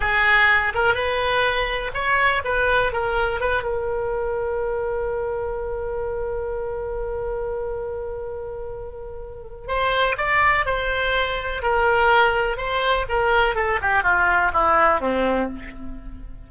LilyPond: \new Staff \with { instrumentName = "oboe" } { \time 4/4 \tempo 4 = 124 gis'4. ais'8 b'2 | cis''4 b'4 ais'4 b'8 ais'8~ | ais'1~ | ais'1~ |
ais'1 | c''4 d''4 c''2 | ais'2 c''4 ais'4 | a'8 g'8 f'4 e'4 c'4 | }